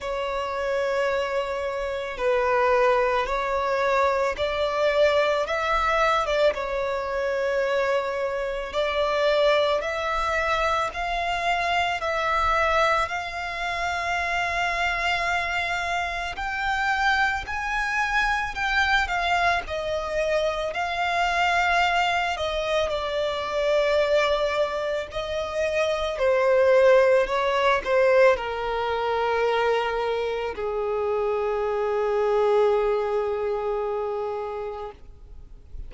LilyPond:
\new Staff \with { instrumentName = "violin" } { \time 4/4 \tempo 4 = 55 cis''2 b'4 cis''4 | d''4 e''8. d''16 cis''2 | d''4 e''4 f''4 e''4 | f''2. g''4 |
gis''4 g''8 f''8 dis''4 f''4~ | f''8 dis''8 d''2 dis''4 | c''4 cis''8 c''8 ais'2 | gis'1 | }